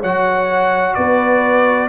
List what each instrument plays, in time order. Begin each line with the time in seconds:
0.00 tuba F#3, trombone F#4, horn C#5, trumpet F#5
0.95 tuba B3, horn B4, trumpet D5